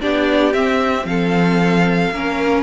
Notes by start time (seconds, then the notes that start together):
0.00 B3 D4 G4 D5
0.53 C4 E5
1.05 F3 A4 F5
2.11 A#3 C#4 A#4